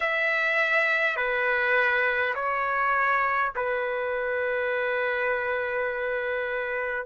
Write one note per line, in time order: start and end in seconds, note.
0.00 1.16 E5
1.16 2.34 B4
2.34 3.52 C#5
3.55 7.06 B4